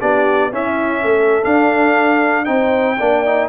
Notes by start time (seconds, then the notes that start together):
0.00 B3 D4 G4 D5
0.53 C#4 E4 E5
1.02 A3 A4
1.43 D4 F5
2.45 C4 D#4 C5 G5
2.98 A#3 D4 D5
3.26 D#4